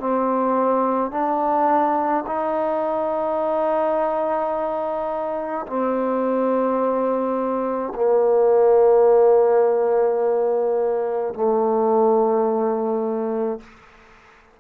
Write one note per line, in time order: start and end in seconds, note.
0.00 1.12 C4
1.12 2.25 D4
2.27 5.67 D#4
5.67 7.93 C4
7.96 11.34 A#3
11.34 13.61 A3